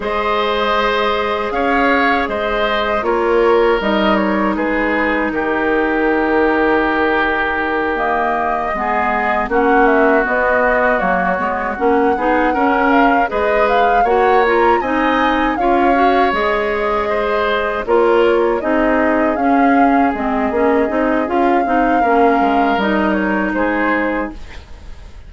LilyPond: <<
  \new Staff \with { instrumentName = "flute" } { \time 4/4 \tempo 4 = 79 dis''2 f''4 dis''4 | cis''4 dis''8 cis''8 b'4 ais'4~ | ais'2~ ais'8 dis''4.~ | dis''8 fis''8 e''8 dis''4 cis''4 fis''8~ |
fis''4 f''8 dis''8 f''8 fis''8 ais''8 gis''8~ | gis''8 f''4 dis''2 cis''8~ | cis''8 dis''4 f''4 dis''4. | f''2 dis''8 cis''8 c''4 | }
  \new Staff \with { instrumentName = "oboe" } { \time 4/4 c''2 cis''4 c''4 | ais'2 gis'4 g'4~ | g'2.~ g'8 gis'8~ | gis'8 fis'2.~ fis'8 |
gis'8 ais'4 b'4 cis''4 dis''8~ | dis''8 cis''2 c''4 ais'8~ | ais'8 gis'2.~ gis'8~ | gis'4 ais'2 gis'4 | }
  \new Staff \with { instrumentName = "clarinet" } { \time 4/4 gis'1 | f'4 dis'2.~ | dis'2~ dis'8 ais4 b8~ | b8 cis'4 b4 ais8 b8 cis'8 |
dis'8 cis'4 gis'4 fis'8 f'8 dis'8~ | dis'8 f'8 fis'8 gis'2 f'8~ | f'8 dis'4 cis'4 c'8 cis'8 dis'8 | f'8 dis'8 cis'4 dis'2 | }
  \new Staff \with { instrumentName = "bassoon" } { \time 4/4 gis2 cis'4 gis4 | ais4 g4 gis4 dis4~ | dis2.~ dis8 gis8~ | gis8 ais4 b4 fis8 gis8 ais8 |
b8 cis'4 gis4 ais4 c'8~ | c'8 cis'4 gis2 ais8~ | ais8 c'4 cis'4 gis8 ais8 c'8 | cis'8 c'8 ais8 gis8 g4 gis4 | }
>>